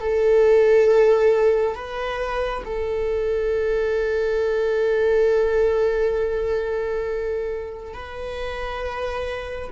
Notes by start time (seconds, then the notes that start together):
0.00 A4
1.75 B4
2.65 A4
7.94 B4